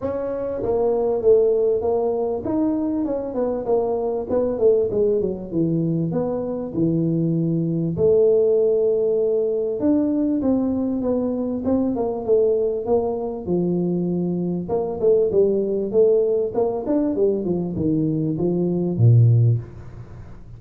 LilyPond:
\new Staff \with { instrumentName = "tuba" } { \time 4/4 \tempo 4 = 98 cis'4 ais4 a4 ais4 | dis'4 cis'8 b8 ais4 b8 a8 | gis8 fis8 e4 b4 e4~ | e4 a2. |
d'4 c'4 b4 c'8 ais8 | a4 ais4 f2 | ais8 a8 g4 a4 ais8 d'8 | g8 f8 dis4 f4 ais,4 | }